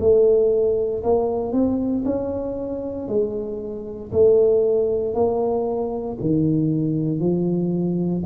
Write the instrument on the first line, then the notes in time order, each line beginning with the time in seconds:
tuba
0.00 A3
1.03 A#3
1.53 C4
2.05 C#4
3.08 G#3
4.12 A3
5.14 A#3
6.21 D#3
7.20 F3